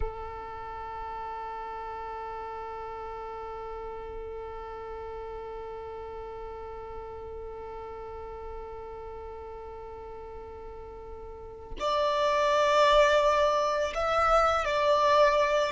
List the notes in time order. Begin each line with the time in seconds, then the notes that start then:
0.00 A4
11.79 D5
13.94 E5
14.65 D5